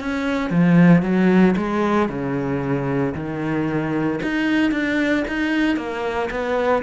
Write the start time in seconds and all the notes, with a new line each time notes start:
0.00 C#4
0.50 F3
1.03 F#3
1.57 G#3
2.09 C#3
3.15 D#3
4.23 D#4
4.72 D4
5.28 D#4
5.77 A#3
6.31 B3